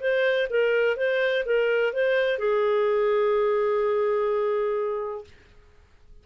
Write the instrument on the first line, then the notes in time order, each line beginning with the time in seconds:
clarinet
0.00 C5
0.50 A#4
0.97 C5
1.45 A#4
1.93 C5
2.39 G#4